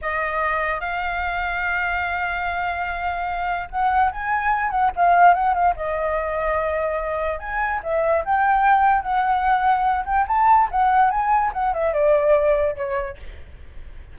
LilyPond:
\new Staff \with { instrumentName = "flute" } { \time 4/4 \tempo 4 = 146 dis''2 f''2~ | f''1~ | f''4 fis''4 gis''4. fis''8 | f''4 fis''8 f''8 dis''2~ |
dis''2 gis''4 e''4 | g''2 fis''2~ | fis''8 g''8 a''4 fis''4 gis''4 | fis''8 e''8 d''2 cis''4 | }